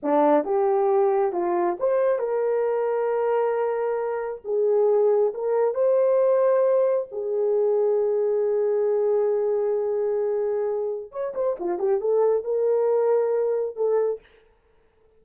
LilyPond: \new Staff \with { instrumentName = "horn" } { \time 4/4 \tempo 4 = 135 d'4 g'2 f'4 | c''4 ais'2.~ | ais'2 gis'2 | ais'4 c''2. |
gis'1~ | gis'1~ | gis'4 cis''8 c''8 f'8 g'8 a'4 | ais'2. a'4 | }